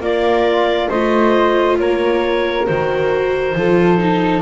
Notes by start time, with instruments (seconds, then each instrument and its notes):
0.00 double bass A#3, flute F4, viola A#4, clarinet D5
0.89 double bass A3, viola F4, flute C5, clarinet D#5
1.79 double bass A#3, flute A#4, clarinet C#5
2.66 double bass D#3, viola F#4, clarinet C5
3.55 double bass F3, viola F4, flute A4
3.98 viola D#4